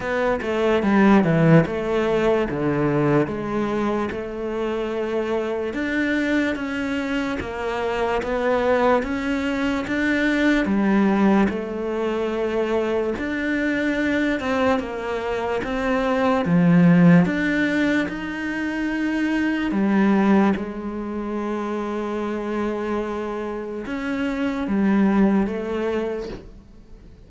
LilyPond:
\new Staff \with { instrumentName = "cello" } { \time 4/4 \tempo 4 = 73 b8 a8 g8 e8 a4 d4 | gis4 a2 d'4 | cis'4 ais4 b4 cis'4 | d'4 g4 a2 |
d'4. c'8 ais4 c'4 | f4 d'4 dis'2 | g4 gis2.~ | gis4 cis'4 g4 a4 | }